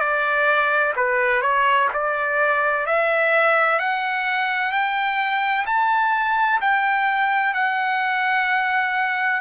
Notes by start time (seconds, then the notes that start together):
0.00 D5
0.96 B4
1.42 C#5
1.94 D5
2.87 E5
3.79 F#5
4.72 G5
5.67 A5
6.61 G5
7.54 F#5